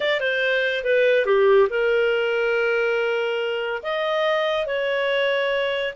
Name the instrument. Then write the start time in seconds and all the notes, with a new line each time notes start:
clarinet
0.00 D5
0.20 C5
0.84 B4
1.25 G4
1.69 A#4
3.82 D#5
4.66 C#5